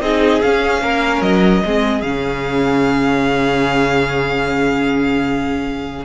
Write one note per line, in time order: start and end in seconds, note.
0.00 0.40 C4
0.00 0.42 D#4
0.00 0.82 G#4
0.00 0.41 D#5
0.41 1.63 C#4
0.41 0.81 C#4
0.41 1.22 F5
0.81 1.21 A#3
0.81 1.63 A#4
1.21 1.61 F#3
1.21 2.01 D#5
1.65 2.02 G#3
1.65 2.04 C4
1.65 6.04 G#4
2.01 6.04 C#3
2.01 6.04 C#4
2.01 6.04 F5